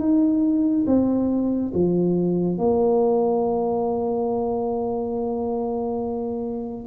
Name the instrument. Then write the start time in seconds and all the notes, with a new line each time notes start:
tuba
0.00 D#4
0.87 C4
1.75 F3
2.58 A#3